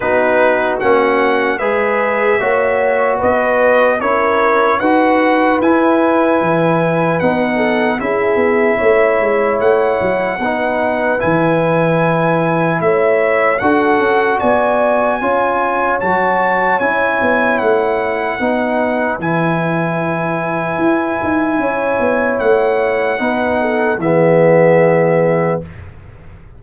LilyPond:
<<
  \new Staff \with { instrumentName = "trumpet" } { \time 4/4 \tempo 4 = 75 b'4 fis''4 e''2 | dis''4 cis''4 fis''4 gis''4~ | gis''4 fis''4 e''2 | fis''2 gis''2 |
e''4 fis''4 gis''2 | a''4 gis''4 fis''2 | gis''1 | fis''2 e''2 | }
  \new Staff \with { instrumentName = "horn" } { \time 4/4 fis'2 b'4 cis''4 | b'4 ais'4 b'2~ | b'4. a'8 gis'4 cis''4~ | cis''4 b'2. |
cis''4 a'4 d''4 cis''4~ | cis''2. b'4~ | b'2. cis''4~ | cis''4 b'8 a'8 gis'2 | }
  \new Staff \with { instrumentName = "trombone" } { \time 4/4 dis'4 cis'4 gis'4 fis'4~ | fis'4 e'4 fis'4 e'4~ | e'4 dis'4 e'2~ | e'4 dis'4 e'2~ |
e'4 fis'2 f'4 | fis'4 e'2 dis'4 | e'1~ | e'4 dis'4 b2 | }
  \new Staff \with { instrumentName = "tuba" } { \time 4/4 b4 ais4 gis4 ais4 | b4 cis'4 dis'4 e'4 | e4 b4 cis'8 b8 a8 gis8 | a8 fis8 b4 e2 |
a4 d'8 cis'8 b4 cis'4 | fis4 cis'8 b8 a4 b4 | e2 e'8 dis'8 cis'8 b8 | a4 b4 e2 | }
>>